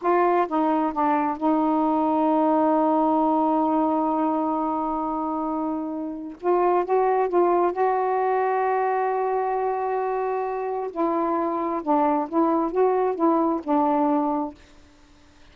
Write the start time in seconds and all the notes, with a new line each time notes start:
0.01 F4
0.47 D#4
0.92 D4
1.37 D#4
6.40 F4
6.84 F#4
7.28 F4
7.72 F#4
10.91 E4
11.82 D4
12.28 E4
12.71 F#4
13.15 E4
13.63 D4